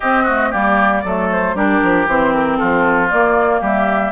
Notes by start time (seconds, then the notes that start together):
0.00 C4 G4 D#5
0.23 A3 F#4
0.50 G3 A#3 G4 D5
1.04 F#3 A3 A4
1.31 C5
1.54 G3 D4 G4 A#4
1.82 F3
2.06 E3 C4 C5
2.32 A#4
2.56 F3 F4 A4
3.09 A#3 D5
3.60 G3 G4 E5